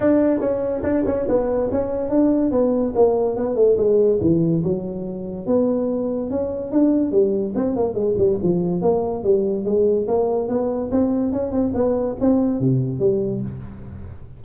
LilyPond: \new Staff \with { instrumentName = "tuba" } { \time 4/4 \tempo 4 = 143 d'4 cis'4 d'8 cis'8 b4 | cis'4 d'4 b4 ais4 | b8 a8 gis4 e4 fis4~ | fis4 b2 cis'4 |
d'4 g4 c'8 ais8 gis8 g8 | f4 ais4 g4 gis4 | ais4 b4 c'4 cis'8 c'8 | b4 c'4 c4 g4 | }